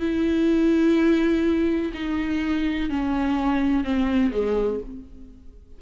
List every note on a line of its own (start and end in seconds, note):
0.00 1.92 E4
1.94 2.90 D#4
2.90 3.84 C#4
3.84 4.32 C4
4.32 4.80 G#3